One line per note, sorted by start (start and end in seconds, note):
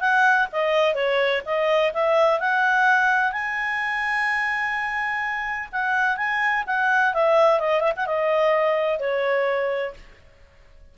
0.00 0.47 F#5
0.52 0.94 D#5
0.94 1.42 C#5
1.45 1.92 D#5
1.93 2.40 E5
2.40 3.32 F#5
3.32 5.68 G#5
5.72 6.17 F#5
6.17 6.64 G#5
6.66 7.14 F#5
7.14 7.60 E5
7.60 7.80 D#5
7.80 7.92 E5
7.96 8.06 F#5
8.06 8.99 D#5
8.99 9.94 C#5